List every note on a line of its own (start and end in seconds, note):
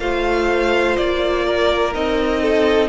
0.00 0.97 A3
0.00 1.93 F4
0.00 1.46 C5
0.00 0.97 F5
0.97 1.95 A#3
0.97 1.94 D5
1.46 2.42 A#4
1.93 2.89 C4
1.93 2.89 D#4
1.93 2.89 D#5
2.42 2.89 A4